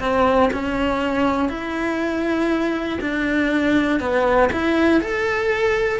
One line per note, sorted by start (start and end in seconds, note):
0.00 0.50 C4
0.53 1.49 C#4
1.49 2.99 E4
3.01 4.00 D4
4.00 4.50 B3
4.52 5.01 E4
5.01 6.00 A4